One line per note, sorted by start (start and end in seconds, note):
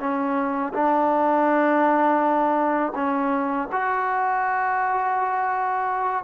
0.00 0.73 C#4
0.74 2.93 D4
2.96 3.69 C#4
3.73 6.24 F#4